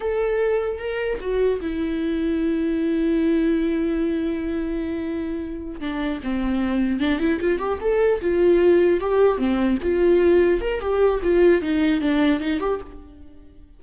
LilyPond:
\new Staff \with { instrumentName = "viola" } { \time 4/4 \tempo 4 = 150 a'2 ais'4 fis'4 | e'1~ | e'1~ | e'2~ e'8 d'4 c'8~ |
c'4. d'8 e'8 f'8 g'8 a'8~ | a'8 f'2 g'4 c'8~ | c'8 f'2 ais'8 g'4 | f'4 dis'4 d'4 dis'8 g'8 | }